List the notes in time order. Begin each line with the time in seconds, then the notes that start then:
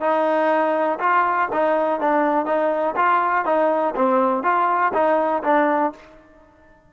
0.00 D#4
0.99 F4
1.52 D#4
2.00 D4
2.45 D#4
2.96 F4
3.45 D#4
3.95 C4
4.43 F4
4.93 D#4
5.43 D4